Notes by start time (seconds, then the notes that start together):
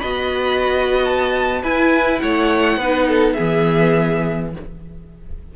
0.00 B3 F#4 D#5 B5
1.05 A5
1.63 E4 B4 G#5
2.19 A3 C#5 F#5
2.77 B3 D#4 B4
3.08 A4
3.33 B3 G#4 E5
3.40 E3